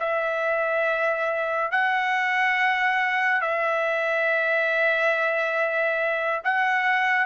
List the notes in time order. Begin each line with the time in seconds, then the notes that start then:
0.00 E5
1.71 F#5
3.41 E5
6.44 F#5